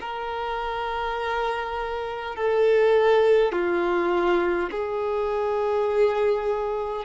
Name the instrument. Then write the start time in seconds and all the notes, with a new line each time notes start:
violin
0.00 A#4
2.35 A4
3.52 F4
4.71 G#4